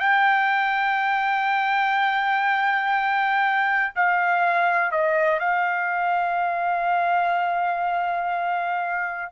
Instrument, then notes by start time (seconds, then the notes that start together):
trumpet
0.00 G5
3.96 F5
4.92 D#5
5.40 F5